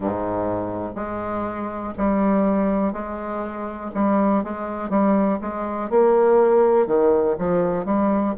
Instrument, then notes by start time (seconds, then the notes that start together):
bassoon
0.00 G#2
0.95 G#3
1.97 G3
2.92 G#3
3.94 G3
4.43 G#3
4.89 G3
5.41 G#3
5.90 A#3
6.86 D#3
7.38 F3
7.85 G3